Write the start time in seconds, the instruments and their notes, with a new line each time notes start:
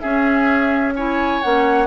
0.00 bassoon C#4, clarinet C#4, oboe G#4, flute E5
0.96 clarinet E4, oboe C#5, flute G#5
1.42 bassoon A#3, clarinet C#4, flute F#5